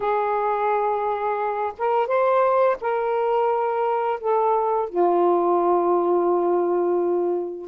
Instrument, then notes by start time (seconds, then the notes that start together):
saxophone
0.00 G#4
1.78 A#4
2.07 C5
2.80 A#4
4.20 A4
4.89 F4